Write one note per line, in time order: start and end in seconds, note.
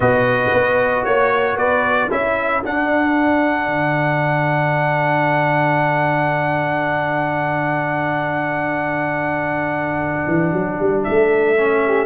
0.00 0.52 B2
0.00 2.10 F#4
0.00 1.04 B4
0.00 1.04 D#5
0.53 1.05 B3
1.04 1.56 A#3
1.04 1.57 C#5
1.04 1.58 C#5
1.56 2.08 B3
1.56 2.08 B4
1.56 2.10 D5
2.08 2.64 C#4
2.08 2.62 E4
2.08 11.82 A4
2.08 2.64 E5
2.63 11.57 D4
2.63 3.66 D4
2.63 11.03 F#5
3.66 10.24 D3
10.27 10.52 E3
10.52 10.79 F#3
10.79 11.06 G3
11.03 12.06 A3
11.03 12.06 E5
11.57 12.06 C#4
11.86 12.06 G4